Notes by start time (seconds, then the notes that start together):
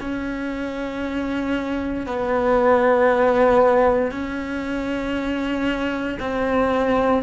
0.00 C#4
2.06 B3
4.11 C#4
6.19 C4